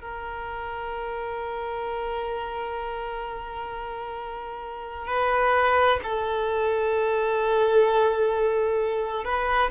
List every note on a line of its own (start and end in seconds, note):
0.00 5.07 A#4
5.07 5.99 B4
6.03 9.24 A4
9.24 9.70 B4